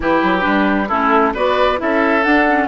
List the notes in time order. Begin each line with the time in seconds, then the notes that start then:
0.00 E3 E4 G4 B4
0.22 F#3
0.40 G3 D4
0.88 A3 C#4 E4 A4
1.34 B3 F#4 B4 D5
1.77 C#4 E4 A4 E5
2.23 D4 F#5
2.47 C#4